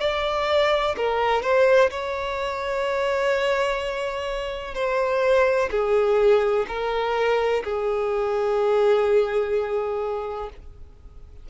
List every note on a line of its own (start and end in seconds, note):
0.00 0.95 D5
0.96 1.42 A#4
1.42 1.90 C5
1.90 4.74 C#5
4.74 5.69 C5
5.71 6.66 G#4
6.68 7.63 A#4
7.64 10.49 G#4